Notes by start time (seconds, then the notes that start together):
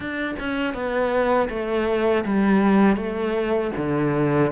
0.00 D4
0.39 C#4
0.73 B3
1.49 A3
2.24 G3
2.96 A3
3.76 D3